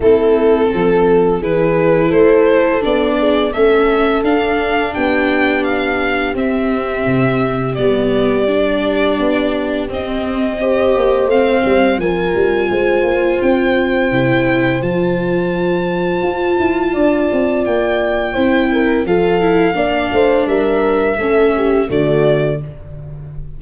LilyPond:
<<
  \new Staff \with { instrumentName = "violin" } { \time 4/4 \tempo 4 = 85 a'2 b'4 c''4 | d''4 e''4 f''4 g''4 | f''4 e''2 d''4~ | d''2 dis''2 |
f''4 gis''2 g''4~ | g''4 a''2.~ | a''4 g''2 f''4~ | f''4 e''2 d''4 | }
  \new Staff \with { instrumentName = "horn" } { \time 4/4 e'4 a'4 gis'4 a'4~ | a'8 gis'8 a'2 g'4~ | g'1~ | g'2. c''4~ |
c''4 ais'4 c''2~ | c''1 | d''2 c''8 ais'8 a'4 | d''8 c''8 ais'4 a'8 g'8 fis'4 | }
  \new Staff \with { instrumentName = "viola" } { \time 4/4 c'2 e'2 | d'4 cis'4 d'2~ | d'4 c'2 b4 | d'2 c'4 g'4 |
c'4 f'2. | e'4 f'2.~ | f'2 e'4 f'8 e'8 | d'2 cis'4 a4 | }
  \new Staff \with { instrumentName = "tuba" } { \time 4/4 a4 f4 e4 a4 | b4 a4 d'4 b4~ | b4 c'4 c4 g4~ | g4 b4 c'4. ais8 |
a8 g8 f8 g8 gis8 ais8 c'4 | c4 f2 f'8 e'8 | d'8 c'8 ais4 c'4 f4 | ais8 a8 g4 a4 d4 | }
>>